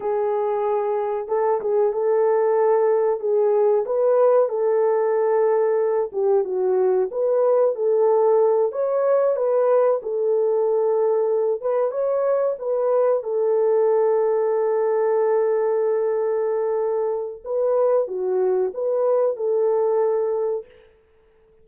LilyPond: \new Staff \with { instrumentName = "horn" } { \time 4/4 \tempo 4 = 93 gis'2 a'8 gis'8 a'4~ | a'4 gis'4 b'4 a'4~ | a'4. g'8 fis'4 b'4 | a'4. cis''4 b'4 a'8~ |
a'2 b'8 cis''4 b'8~ | b'8 a'2.~ a'8~ | a'2. b'4 | fis'4 b'4 a'2 | }